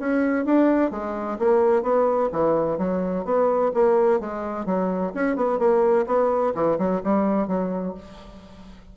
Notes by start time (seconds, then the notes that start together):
0.00 C#4
0.46 D4
0.91 G#3
1.39 A#3
1.83 B3
2.32 E3
2.78 F#3
3.25 B3
3.75 A#3
4.20 G#3
4.66 F#3
5.15 C#4
5.36 B3
5.59 A#3
6.07 B3
6.55 E3
6.79 F#3
7.04 G3
7.48 F#3